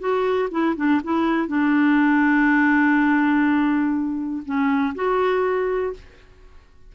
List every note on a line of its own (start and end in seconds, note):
0.00 0.49 F#4
0.51 0.76 E4
0.77 1.01 D4
1.04 1.48 E4
1.48 4.43 D4
4.46 4.95 C#4
4.95 5.94 F#4